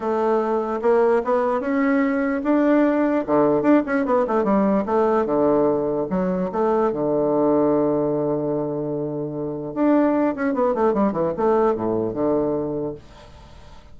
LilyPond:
\new Staff \with { instrumentName = "bassoon" } { \time 4/4 \tempo 4 = 148 a2 ais4 b4 | cis'2 d'2 | d4 d'8 cis'8 b8 a8 g4 | a4 d2 fis4 |
a4 d2.~ | d1 | d'4. cis'8 b8 a8 g8 e8 | a4 a,4 d2 | }